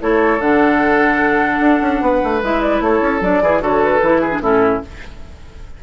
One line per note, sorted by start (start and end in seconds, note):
0.00 0.39 A3
0.00 0.40 E4
0.00 2.03 A4
0.00 0.40 C#5
0.39 1.59 D3
0.39 2.42 D4
0.39 2.42 F#5
1.59 1.80 D4
1.81 2.01 C#4
2.01 2.21 B3
2.01 2.83 B4
2.24 2.42 A3
2.42 2.80 G#3
2.42 3.22 E4
2.42 2.61 E5
2.61 2.81 D5
2.80 3.01 A3
2.80 3.43 A4
2.80 3.22 C#5
3.01 3.21 C#4
3.21 3.41 F#3
3.21 3.42 D4
3.21 3.62 D5
3.42 3.61 E3
3.42 3.60 E4
3.42 3.62 G#4
3.60 4.01 D3
3.60 4.00 F#4
3.60 4.21 A4
3.60 3.82 C#5
3.82 4.42 B4
4.01 4.41 E3
4.01 4.31 E4
4.21 4.41 G#4
4.31 4.41 D4
4.41 4.81 A2
4.41 4.82 C#4
4.41 4.83 E4
4.41 4.82 A4